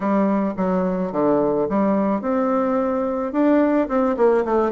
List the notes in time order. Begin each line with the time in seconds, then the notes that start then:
0.00 G3
0.56 F#3
1.12 D3
1.69 G3
2.21 C4
3.32 D4
3.88 C4
4.16 A#3
4.44 A3